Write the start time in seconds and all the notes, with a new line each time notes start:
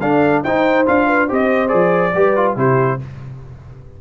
0.00 D4 A4 F5
0.43 D#4 C5 G5
0.86 D4 F4 F5
1.07 B4
1.27 C4 G4 C5 D#5
1.68 F3 G#4 D5
2.14 G3 G4 B4
2.36 F4
2.56 C3 E4 G4 C5